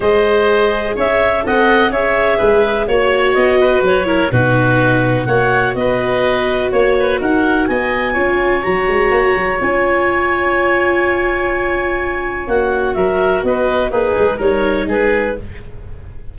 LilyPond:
<<
  \new Staff \with { instrumentName = "clarinet" } { \time 4/4 \tempo 4 = 125 dis''2 e''4 fis''4 | e''2 cis''4 dis''4 | cis''4 b'2 fis''4 | dis''2 cis''4 fis''4 |
gis''2 ais''2 | gis''1~ | gis''2 fis''4 e''4 | dis''4 b'4 cis''4 b'4 | }
  \new Staff \with { instrumentName = "oboe" } { \time 4/4 c''2 cis''4 dis''4 | cis''4 b'4 cis''4. b'8~ | b'8 ais'8 fis'2 cis''4 | b'2 cis''8 b'8 ais'4 |
dis''4 cis''2.~ | cis''1~ | cis''2. ais'4 | b'4 dis'4 ais'4 gis'4 | }
  \new Staff \with { instrumentName = "viola" } { \time 4/4 gis'2. a'4 | gis'2 fis'2~ | fis'8 e'8 dis'2 fis'4~ | fis'1~ |
fis'4 f'4 fis'2 | f'1~ | f'2 fis'2~ | fis'4 gis'4 dis'2 | }
  \new Staff \with { instrumentName = "tuba" } { \time 4/4 gis2 cis'4 c'4 | cis'4 gis4 ais4 b4 | fis4 b,2 ais4 | b2 ais4 dis'4 |
b4 cis'4 fis8 gis8 ais8 fis8 | cis'1~ | cis'2 ais4 fis4 | b4 ais8 gis8 g4 gis4 | }
>>